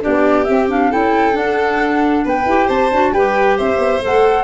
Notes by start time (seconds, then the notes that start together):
0.00 B3 D4 G4 D5
0.44 C4 E5
0.69 D4 F5
0.90 C#4 E4 A4 G5
1.32 D4 F#5
2.24 B3 B4 G5
2.45 E4 G4
2.67 C4 C5 A5
2.91 D4 F#4
3.12 G3 G4 B4 G5
3.57 C4 C5 E5
3.76 B3
4.01 A3 A4 F#5